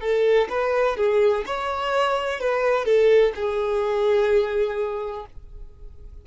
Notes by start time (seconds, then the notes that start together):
0.00 A4
0.49 B4
0.96 G#4
1.46 C#5
2.39 B4
2.85 A4
3.35 G#4